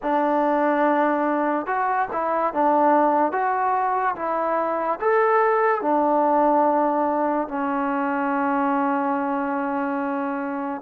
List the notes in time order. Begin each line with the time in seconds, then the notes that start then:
0.02 D4
1.66 F#4
2.12 E4
2.53 D4
3.31 F#4
4.15 E4
5.00 A4
5.81 D4
7.48 C#4